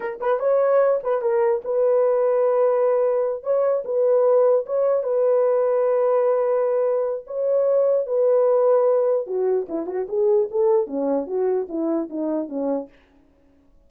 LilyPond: \new Staff \with { instrumentName = "horn" } { \time 4/4 \tempo 4 = 149 ais'8 b'8 cis''4. b'8 ais'4 | b'1~ | b'8 cis''4 b'2 cis''8~ | cis''8 b'2.~ b'8~ |
b'2 cis''2 | b'2. fis'4 | e'8 fis'8 gis'4 a'4 cis'4 | fis'4 e'4 dis'4 cis'4 | }